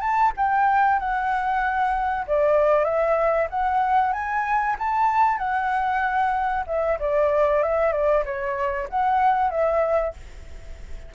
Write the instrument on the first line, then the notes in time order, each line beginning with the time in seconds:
flute
0.00 A5
0.36 G5
0.99 F#5
2.27 D5
2.84 E5
3.50 F#5
4.13 G#5
4.79 A5
5.38 F#5
6.67 E5
6.99 D5
7.62 E5
7.92 D5
8.25 C#5
8.89 F#5
9.50 E5